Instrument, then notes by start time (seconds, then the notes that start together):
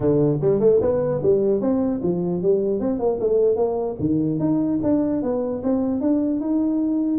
tuba
0.00 D3
0.41 G3
0.60 A3
0.81 B3
1.22 G3
1.61 C4
2.03 F3
2.41 G3
2.80 C4
2.99 A#3
3.20 A3
3.55 A#3
3.99 D#3
4.39 D#4
4.82 D4
5.22 B3
5.63 C4
6.00 D4
6.40 D#4